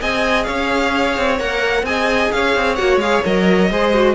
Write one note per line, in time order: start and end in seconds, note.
0.00 0.47 C4
0.00 1.38 G#4
0.00 0.46 D#5
0.00 0.44 G#5
0.44 1.17 C#4
0.44 1.84 C#5
0.44 1.36 F5
1.17 1.40 C4
1.39 1.83 A#3
1.39 1.85 A#4
1.39 1.85 F#5
1.83 2.29 C4
1.83 2.78 G#4
1.83 2.33 D#5
1.83 2.31 G#5
2.31 2.56 C#4
2.31 3.71 C#5
2.31 2.75 F5
2.56 2.79 C4
2.75 2.96 A#3
2.75 3.01 F#4
2.75 2.98 F#5
2.96 3.19 G#3
2.96 3.24 G#4
2.96 3.23 F5
3.24 3.71 F#3
3.24 3.71 A#4
3.24 4.15 D#5
3.71 4.15 G#3
3.71 3.94 G#4
3.71 4.15 C5
3.94 4.15 F#4